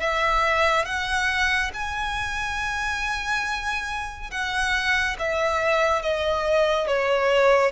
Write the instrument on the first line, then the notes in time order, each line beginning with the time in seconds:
violin
0.00 E5
0.85 F#5
1.73 G#5
4.31 F#5
5.19 E5
6.02 D#5
6.87 C#5